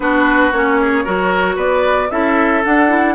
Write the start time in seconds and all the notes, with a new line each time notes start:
0.00 B3 D4 F#4 B4
0.52 A#3 C#4 C#5
0.80 G#4
1.04 F#3 F#4 A#4
1.55 B3 B4 D5
2.10 C#4 E4 A4 E5
2.64 D4 F#5
2.88 E4